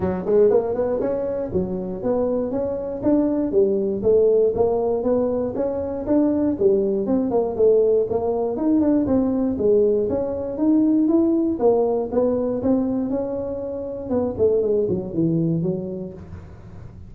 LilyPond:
\new Staff \with { instrumentName = "tuba" } { \time 4/4 \tempo 4 = 119 fis8 gis8 ais8 b8 cis'4 fis4 | b4 cis'4 d'4 g4 | a4 ais4 b4 cis'4 | d'4 g4 c'8 ais8 a4 |
ais4 dis'8 d'8 c'4 gis4 | cis'4 dis'4 e'4 ais4 | b4 c'4 cis'2 | b8 a8 gis8 fis8 e4 fis4 | }